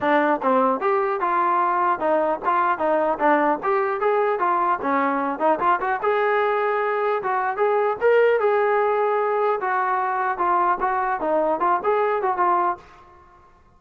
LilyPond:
\new Staff \with { instrumentName = "trombone" } { \time 4/4 \tempo 4 = 150 d'4 c'4 g'4 f'4~ | f'4 dis'4 f'4 dis'4 | d'4 g'4 gis'4 f'4 | cis'4. dis'8 f'8 fis'8 gis'4~ |
gis'2 fis'4 gis'4 | ais'4 gis'2. | fis'2 f'4 fis'4 | dis'4 f'8 gis'4 fis'8 f'4 | }